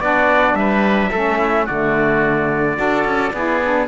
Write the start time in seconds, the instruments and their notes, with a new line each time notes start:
0.00 cello B3, saxophone D4, oboe F#4, trumpet D5
0.54 cello G3, oboe B4, trumpet E5
1.11 cello A3, saxophone C#4, oboe A4
1.38 oboe E4
1.65 cello D3, saxophone A3, oboe F#4, trumpet D5
2.76 cello D4, saxophone F#4, oboe A4
3.04 cello C#4
3.33 cello B3, saxophone E4, oboe G#4
3.63 saxophone D4